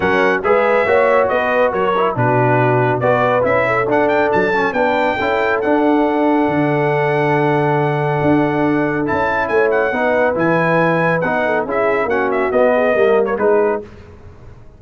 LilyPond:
<<
  \new Staff \with { instrumentName = "trumpet" } { \time 4/4 \tempo 4 = 139 fis''4 e''2 dis''4 | cis''4 b'2 d''4 | e''4 fis''8 g''8 a''4 g''4~ | g''4 fis''2.~ |
fis''1~ | fis''4 a''4 gis''8 fis''4. | gis''2 fis''4 e''4 | fis''8 e''8 dis''4.~ dis''16 cis''16 b'4 | }
  \new Staff \with { instrumentName = "horn" } { \time 4/4 ais'4 b'4 cis''4 b'4 | ais'4 fis'2 b'4~ | b'8 a'2~ a'8 b'4 | a'1~ |
a'1~ | a'2 cis''4 b'4~ | b'2~ b'8 a'8 gis'4 | fis'4. gis'8 ais'4 gis'4 | }
  \new Staff \with { instrumentName = "trombone" } { \time 4/4 cis'4 gis'4 fis'2~ | fis'8 e'8 d'2 fis'4 | e'4 d'4. cis'8 d'4 | e'4 d'2.~ |
d'1~ | d'4 e'2 dis'4 | e'2 dis'4 e'4 | cis'4 b4 ais4 dis'4 | }
  \new Staff \with { instrumentName = "tuba" } { \time 4/4 fis4 gis4 ais4 b4 | fis4 b,2 b4 | cis'4 d'4 fis4 b4 | cis'4 d'2 d4~ |
d2. d'4~ | d'4 cis'4 a4 b4 | e2 b4 cis'4 | ais4 b4 g4 gis4 | }
>>